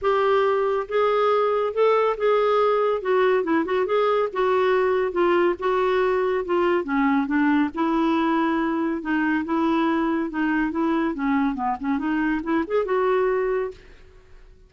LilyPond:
\new Staff \with { instrumentName = "clarinet" } { \time 4/4 \tempo 4 = 140 g'2 gis'2 | a'4 gis'2 fis'4 | e'8 fis'8 gis'4 fis'2 | f'4 fis'2 f'4 |
cis'4 d'4 e'2~ | e'4 dis'4 e'2 | dis'4 e'4 cis'4 b8 cis'8 | dis'4 e'8 gis'8 fis'2 | }